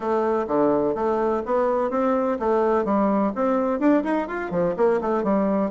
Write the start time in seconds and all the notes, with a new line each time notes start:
0.00 A3
0.47 D3
0.95 A3
1.45 B3
1.90 C4
2.39 A3
2.84 G3
3.35 C4
3.79 D4
4.03 D#4
4.27 F4
4.50 F3
4.76 A#3
5.01 A3
5.23 G3